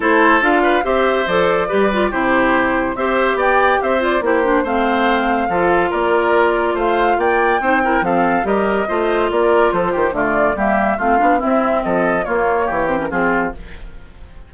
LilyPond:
<<
  \new Staff \with { instrumentName = "flute" } { \time 4/4 \tempo 4 = 142 c''4 f''4 e''4 d''4~ | d''4 c''2 e''4 | g''4 e''8 d''8 c''4 f''4~ | f''2 d''2 |
f''4 g''2 f''4 | dis''2 d''4 c''4 | d''4 e''4 f''4 e''4 | dis''4 cis''4. c''16 ais'16 gis'4 | }
  \new Staff \with { instrumentName = "oboe" } { \time 4/4 a'4. b'8 c''2 | b'4 g'2 c''4 | d''4 c''4 g'4 c''4~ | c''4 a'4 ais'2 |
c''4 d''4 c''8 ais'8 a'4 | ais'4 c''4 ais'4 a'8 g'8 | f'4 g'4 f'4 e'4 | a'4 f'4 g'4 f'4 | }
  \new Staff \with { instrumentName = "clarinet" } { \time 4/4 e'4 f'4 g'4 a'4 | g'8 f'8 e'2 g'4~ | g'4. f'8 e'8 d'8 c'4~ | c'4 f'2.~ |
f'2 dis'8 e'8 c'4 | g'4 f'2. | a4 ais4 c'8 d'8 c'4~ | c'4 ais4. c'16 cis'16 c'4 | }
  \new Staff \with { instrumentName = "bassoon" } { \time 4/4 a4 d'4 c'4 f4 | g4 c2 c'4 | b4 c'4 ais4 a4~ | a4 f4 ais2 |
a4 ais4 c'4 f4 | g4 a4 ais4 f8 dis8 | d4 g4 a8 b8 c'4 | f4 ais4 e4 f4 | }
>>